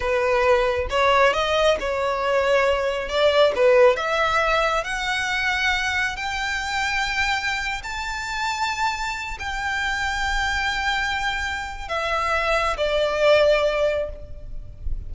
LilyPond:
\new Staff \with { instrumentName = "violin" } { \time 4/4 \tempo 4 = 136 b'2 cis''4 dis''4 | cis''2. d''4 | b'4 e''2 fis''4~ | fis''2 g''2~ |
g''4.~ g''16 a''2~ a''16~ | a''4~ a''16 g''2~ g''8.~ | g''2. e''4~ | e''4 d''2. | }